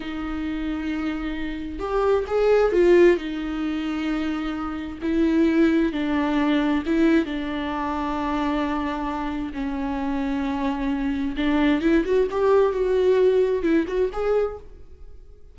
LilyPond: \new Staff \with { instrumentName = "viola" } { \time 4/4 \tempo 4 = 132 dis'1 | g'4 gis'4 f'4 dis'4~ | dis'2. e'4~ | e'4 d'2 e'4 |
d'1~ | d'4 cis'2.~ | cis'4 d'4 e'8 fis'8 g'4 | fis'2 e'8 fis'8 gis'4 | }